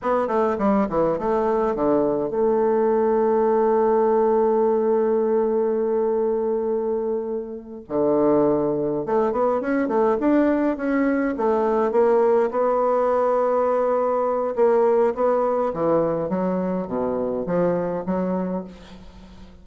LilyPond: \new Staff \with { instrumentName = "bassoon" } { \time 4/4 \tempo 4 = 103 b8 a8 g8 e8 a4 d4 | a1~ | a1~ | a4. d2 a8 |
b8 cis'8 a8 d'4 cis'4 a8~ | a8 ais4 b2~ b8~ | b4 ais4 b4 e4 | fis4 b,4 f4 fis4 | }